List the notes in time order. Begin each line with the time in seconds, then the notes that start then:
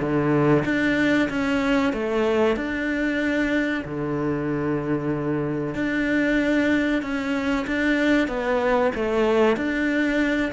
0.00 D3
0.65 D4
1.29 C#4
1.93 A3
2.56 D4
3.84 D3
5.74 D4
7.02 C#4
7.67 D4
8.28 B3
8.95 A3
9.56 D4